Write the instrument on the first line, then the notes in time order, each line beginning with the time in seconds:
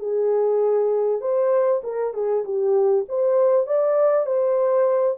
horn
0.00 G#4
1.21 C5
1.84 A#4
2.14 G#4
2.45 G4
3.09 C5
3.67 D5
4.27 C5